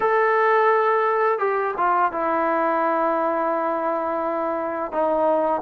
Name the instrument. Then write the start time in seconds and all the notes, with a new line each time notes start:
trombone
0.00 A4
1.39 G4
1.77 F4
2.11 E4
4.92 D#4